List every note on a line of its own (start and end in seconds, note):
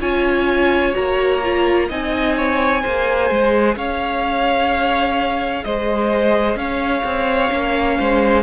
0.00 0.94 C#4
0.00 0.93 F4
0.00 1.88 C#5
0.00 0.94 G#5
0.93 1.90 A#3
0.93 1.40 F#4
0.93 1.89 A#5
1.44 1.89 F4
1.88 2.84 C4
1.88 2.83 D#4
1.88 2.35 D#5
1.88 3.77 G#5
2.37 2.82 C#5
2.82 3.30 A#3
2.82 7.49 G#4
2.82 3.75 C5
3.30 3.76 G#3
3.76 5.63 C#4
3.76 5.64 C#5
3.76 5.64 F5
5.64 6.55 G#3
5.64 6.58 C5
5.64 6.57 D#5
6.55 7.02 C#4
6.55 7.98 C#5
6.55 8.43 F5
7.04 7.51 C4
7.49 7.98 A#3
7.49 8.42 C#4
7.98 8.43 G#3
7.98 8.43 C5